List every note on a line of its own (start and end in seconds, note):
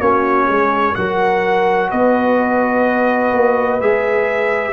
0.00 0.48 A#3
0.00 0.95 C#4
0.00 0.47 F#4
0.00 0.95 C#5
0.47 0.96 G#3
0.47 0.94 G#4
0.95 1.92 F#3
0.95 3.81 F#4
0.95 1.90 A#4
0.95 1.90 F#5
1.90 3.33 B3
1.90 4.73 B4
1.90 3.81 D#5
3.33 3.81 A#3
3.81 4.73 G#3
3.81 4.73 G#4
3.81 4.73 E5